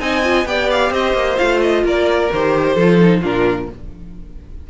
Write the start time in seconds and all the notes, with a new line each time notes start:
0.00 C4 D#4 D#5 G#5
0.24 F4
0.46 B3 G4 D5 G5
0.71 F5
0.91 C4 C5 D#5
1.14 A#3
1.37 A3 F4 F5
1.62 D#5
1.84 A#3 A#4 D5
2.33 D#3 G4 C5
2.74 F3 A4
2.80 F4
3.00 D#4
3.21 A#2 D4 F4 A#4